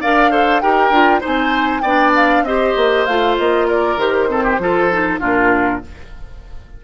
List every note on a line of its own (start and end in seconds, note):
0.00 0.63 D4
0.00 0.31 A#4
0.00 0.31 D5
0.00 0.60 F5
0.31 0.62 A4
0.31 0.61 C5
0.60 0.89 D#4
0.60 0.92 G4
0.60 1.20 A#4
0.60 1.21 G5
0.89 1.20 D4
0.89 1.20 F4
1.20 1.83 C4
1.20 1.81 D#4
1.20 1.81 C5
1.20 1.80 G#5
1.80 2.42 B3
1.80 2.47 D4
1.80 2.43 D5
1.80 2.11 G5
2.15 2.44 F5
2.42 2.72 C4
2.42 3.08 G4
2.42 3.67 C5
2.42 3.05 D#5
2.76 3.06 A#3
3.05 3.38 A3
3.05 3.98 F4
3.05 3.36 F5
3.37 3.96 A#3
3.37 3.68 D#5
3.67 4.28 A#4
3.67 3.99 D5
3.96 4.57 D#3
3.96 4.29 G4
3.96 5.21 C5
4.29 4.59 C4
4.29 4.43 A4
4.43 4.59 G4
4.58 5.20 F3
4.58 4.90 F4
4.58 5.20 A4
4.91 5.20 D#4
5.20 5.82 A#2
5.20 5.81 D4
5.20 5.81 F4
5.20 5.84 A#4